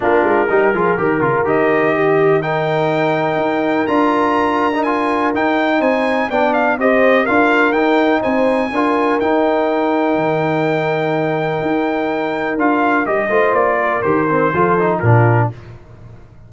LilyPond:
<<
  \new Staff \with { instrumentName = "trumpet" } { \time 4/4 \tempo 4 = 124 ais'2. dis''4~ | dis''4 g''2. | ais''2 gis''4 g''4 | gis''4 g''8 f''8 dis''4 f''4 |
g''4 gis''2 g''4~ | g''1~ | g''2 f''4 dis''4 | d''4 c''2 ais'4 | }
  \new Staff \with { instrumentName = "horn" } { \time 4/4 f'4 g'8 gis'8 ais'2 | g'4 ais'2.~ | ais'1 | c''4 d''4 c''4 ais'4~ |
ais'4 c''4 ais'2~ | ais'1~ | ais'2.~ ais'8 c''8~ | c''8 ais'4. a'4 f'4 | }
  \new Staff \with { instrumentName = "trombone" } { \time 4/4 d'4 dis'8 f'8 g'8 f'8 g'4~ | g'4 dis'2. | f'4.~ f'16 dis'16 f'4 dis'4~ | dis'4 d'4 g'4 f'4 |
dis'2 f'4 dis'4~ | dis'1~ | dis'2 f'4 g'8 f'8~ | f'4 g'8 c'8 f'8 dis'8 d'4 | }
  \new Staff \with { instrumentName = "tuba" } { \time 4/4 ais8 gis8 g8 f8 dis8 cis8 dis4~ | dis2. dis'4 | d'2. dis'4 | c'4 b4 c'4 d'4 |
dis'4 c'4 d'4 dis'4~ | dis'4 dis2. | dis'2 d'4 g8 a8 | ais4 dis4 f4 ais,4 | }
>>